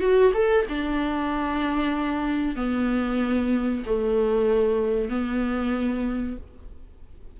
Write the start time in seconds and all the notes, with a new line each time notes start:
0.00 F#4
0.34 A4
0.68 D4
2.56 B3
3.86 A3
5.09 B3